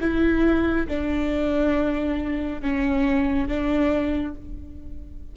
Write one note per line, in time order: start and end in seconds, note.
0.00 0.87 E4
0.88 2.61 D4
2.61 3.48 C#4
3.48 4.35 D4